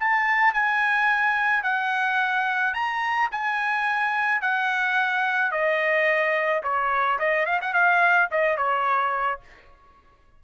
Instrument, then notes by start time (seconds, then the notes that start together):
trumpet
0.00 A5
0.54 G#5
1.63 F#5
2.74 A#5
3.32 G#5
4.42 F#5
5.52 D#5
6.63 C#5
7.19 D#5
7.46 F5
7.62 F#5
7.74 F5
8.31 D#5
8.57 C#5